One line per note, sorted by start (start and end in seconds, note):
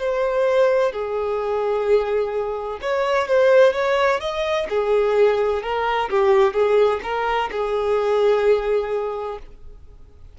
0.00 0.92 C5
0.92 2.80 G#4
2.82 3.28 C#5
3.28 3.74 C5
3.74 4.21 C#5
4.21 4.67 D#5
4.70 5.63 G#4
5.63 6.10 A#4
6.10 6.54 G4
6.54 7.01 G#4
7.04 7.50 A#4
7.52 9.39 G#4